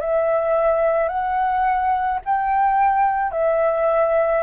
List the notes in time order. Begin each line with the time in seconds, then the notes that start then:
0.00 E5
1.08 F#5
2.25 G5
3.31 E5